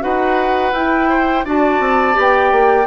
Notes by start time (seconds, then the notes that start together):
0.00 D#4 F#4 B4 F#5
0.72 E4 G5
1.09 C5
1.45 D4 F#4 D5 A5
1.79 C4
2.13 B3 G4
2.21 G5
2.52 A#3